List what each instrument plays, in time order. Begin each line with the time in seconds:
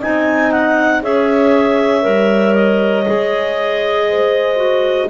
0.00 double bass C4, clarinet D#4 G#5, horn D#5
0.52 clarinet F#5
1.02 double bass C#4, clarinet G#4 E5, horn C#5
2.02 double bass G3, clarinet A#4
2.55 clarinet D#5
3.06 double bass G#3, clarinet G#4
4.09 horn C5
4.56 clarinet F#4